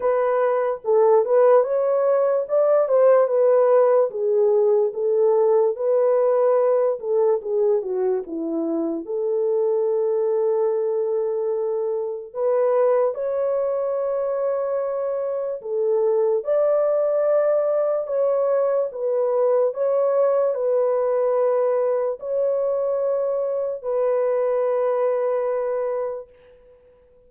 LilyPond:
\new Staff \with { instrumentName = "horn" } { \time 4/4 \tempo 4 = 73 b'4 a'8 b'8 cis''4 d''8 c''8 | b'4 gis'4 a'4 b'4~ | b'8 a'8 gis'8 fis'8 e'4 a'4~ | a'2. b'4 |
cis''2. a'4 | d''2 cis''4 b'4 | cis''4 b'2 cis''4~ | cis''4 b'2. | }